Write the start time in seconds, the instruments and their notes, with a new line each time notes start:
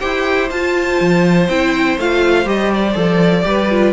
0.00 cello E4, viola G4, violin C5 G5
0.50 viola F4, cello F4, violin A5
1.00 cello F3
1.49 cello C4, viola E4, violin G5
1.98 cello A3, viola F4, violin F5
2.46 cello G3, viola G4, violin D#5
2.74 violin D5
2.95 cello F3, viola A4
3.43 cello G3, viola G4, violin B4
3.71 viola F4